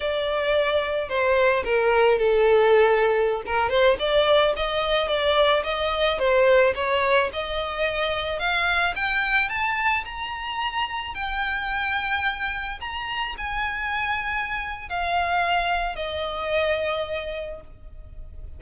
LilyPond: \new Staff \with { instrumentName = "violin" } { \time 4/4 \tempo 4 = 109 d''2 c''4 ais'4 | a'2~ a'16 ais'8 c''8 d''8.~ | d''16 dis''4 d''4 dis''4 c''8.~ | c''16 cis''4 dis''2 f''8.~ |
f''16 g''4 a''4 ais''4.~ ais''16~ | ais''16 g''2. ais''8.~ | ais''16 gis''2~ gis''8. f''4~ | f''4 dis''2. | }